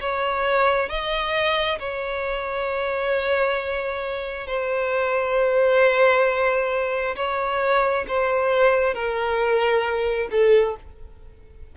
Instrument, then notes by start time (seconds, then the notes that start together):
violin
0.00 C#5
0.88 D#5
1.78 C#5
4.47 C5
7.16 C#5
8.07 C5
8.93 A#4
10.31 A4